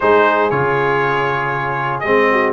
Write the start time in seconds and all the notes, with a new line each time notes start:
0.00 G#3 D#4 G#4 C5
0.50 C#3 F4 C#5
2.00 G#3 C4 D#5
2.31 F#4